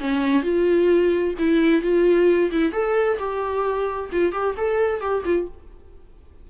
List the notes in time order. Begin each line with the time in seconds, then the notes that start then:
0.00 C#4
0.43 F4
1.39 E4
1.82 F4
2.52 E4
2.73 A4
3.19 G4
4.12 F4
4.32 G4
4.57 A4
5.01 G4
5.25 F4